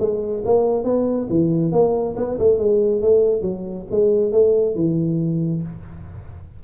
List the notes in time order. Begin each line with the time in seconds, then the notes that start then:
0.00 G#3
0.45 A#3
0.84 B3
1.30 E3
1.72 A#3
2.17 B3
2.39 A3
2.59 G#3
3.02 A3
3.42 F#3
3.91 G#3
4.32 A3
4.76 E3